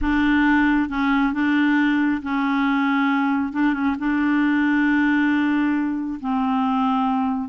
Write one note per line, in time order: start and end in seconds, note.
0.01 0.89 D4
0.89 1.33 C#4
1.33 2.21 D4
2.22 3.52 C#4
3.52 3.73 D4
3.73 3.95 C#4
3.98 6.19 D4
6.20 7.48 C4